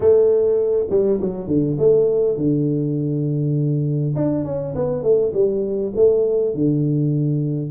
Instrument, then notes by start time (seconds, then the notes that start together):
tuba
0.00 A3
0.90 G3
1.20 F#3
1.47 D3
1.78 A3
2.37 D3
4.15 D4
4.44 C#4
4.75 B3
5.03 A3
5.33 G3
5.95 A3
6.54 D3